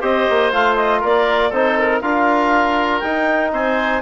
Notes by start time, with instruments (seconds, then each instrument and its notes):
0.00 bassoon C4, trombone G4, oboe C5, clarinet D#5
0.29 bassoon A#3
0.51 bassoon A3, trombone F4, clarinet F5
0.75 clarinet D#5
1.00 bassoon A#3, oboe A#4, clarinet D5
1.49 bassoon C4, trombone D#4, oboe A4, clarinet C5
1.79 clarinet A#4
2.01 bassoon D4, trombone F4, oboe A#4, clarinet F5
2.99 bassoon D#4, trombone D#4, clarinet G5
3.52 bassoon C4, oboe C5, clarinet G#5